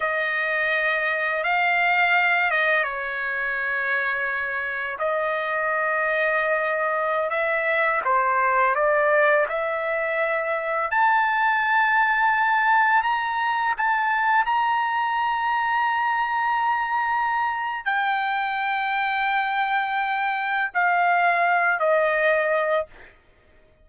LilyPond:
\new Staff \with { instrumentName = "trumpet" } { \time 4/4 \tempo 4 = 84 dis''2 f''4. dis''8 | cis''2. dis''4~ | dis''2~ dis''16 e''4 c''8.~ | c''16 d''4 e''2 a''8.~ |
a''2~ a''16 ais''4 a''8.~ | a''16 ais''2.~ ais''8.~ | ais''4 g''2.~ | g''4 f''4. dis''4. | }